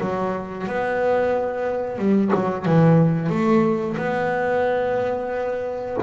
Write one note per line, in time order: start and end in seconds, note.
0.00 0.67 F#3
0.67 1.98 B3
1.98 2.31 G3
2.34 2.65 F#3
2.65 3.29 E3
3.29 3.96 A3
3.97 5.97 B3